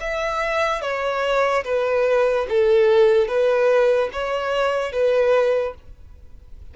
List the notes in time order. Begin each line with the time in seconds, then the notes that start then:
0.00 E5
0.81 C#5
1.64 B4
2.49 A4
3.28 B4
4.12 C#5
4.92 B4